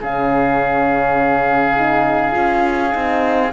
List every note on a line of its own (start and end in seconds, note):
0.00 2.35 C#3
0.00 1.76 C#4
0.00 3.52 G#4
0.00 3.52 F5
1.76 2.31 D#4
2.31 2.94 C#4
2.31 2.89 F4
2.92 3.52 C4
2.92 3.50 D#4